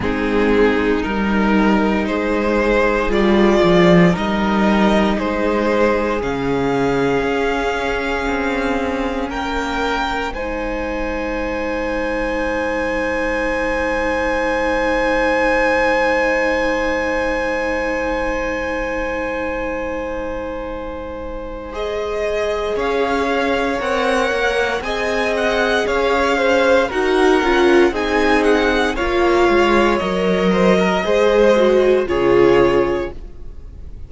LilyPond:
<<
  \new Staff \with { instrumentName = "violin" } { \time 4/4 \tempo 4 = 58 gis'4 ais'4 c''4 d''4 | dis''4 c''4 f''2~ | f''4 g''4 gis''2~ | gis''1~ |
gis''1~ | gis''4 dis''4 f''4 fis''4 | gis''8 fis''8 f''4 fis''4 gis''8 fis''8 | f''4 dis''2 cis''4 | }
  \new Staff \with { instrumentName = "violin" } { \time 4/4 dis'2 gis'2 | ais'4 gis'2.~ | gis'4 ais'4 c''2~ | c''1~ |
c''1~ | c''2 cis''2 | dis''4 cis''8 c''8 ais'4 gis'4 | cis''4. c''16 ais'16 c''4 gis'4 | }
  \new Staff \with { instrumentName = "viola" } { \time 4/4 c'4 dis'2 f'4 | dis'2 cis'2~ | cis'2 dis'2~ | dis'1~ |
dis'1~ | dis'4 gis'2 ais'4 | gis'2 fis'8 f'8 dis'4 | f'4 ais'4 gis'8 fis'8 f'4 | }
  \new Staff \with { instrumentName = "cello" } { \time 4/4 gis4 g4 gis4 g8 f8 | g4 gis4 cis4 cis'4 | c'4 ais4 gis2~ | gis1~ |
gis1~ | gis2 cis'4 c'8 ais8 | c'4 cis'4 dis'8 cis'8 c'4 | ais8 gis8 fis4 gis4 cis4 | }
>>